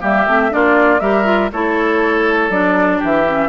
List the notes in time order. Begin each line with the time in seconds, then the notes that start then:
0.00 G3 A#3 G4 E5
0.27 A3 C4
0.50 A#3 D4 F4 D5
1.00 G3 G4 A#4 E5
1.24 F4
1.52 A3 E4 A4 C#5
2.49 F#3 D4 D5
2.98 E3 G4
3.05 E5
3.27 C#4